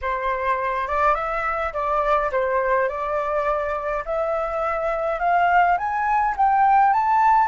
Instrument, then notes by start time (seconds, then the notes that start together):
flute
0.01 C5
0.87 D5
1.15 E5
1.73 D5
2.31 C5
2.88 D5
4.05 E5
5.19 F5
5.77 G#5
6.36 G5
6.93 A5